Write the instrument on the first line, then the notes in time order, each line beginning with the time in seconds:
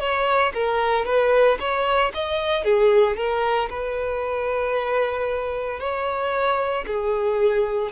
violin
0.00 C#5
0.54 A#4
1.05 B4
1.59 C#5
2.14 D#5
2.64 G#4
3.16 A#4
3.69 B4
5.80 C#5
6.87 G#4